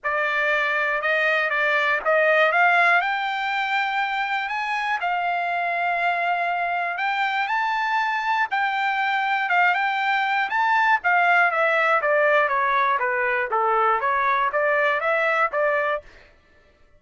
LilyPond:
\new Staff \with { instrumentName = "trumpet" } { \time 4/4 \tempo 4 = 120 d''2 dis''4 d''4 | dis''4 f''4 g''2~ | g''4 gis''4 f''2~ | f''2 g''4 a''4~ |
a''4 g''2 f''8 g''8~ | g''4 a''4 f''4 e''4 | d''4 cis''4 b'4 a'4 | cis''4 d''4 e''4 d''4 | }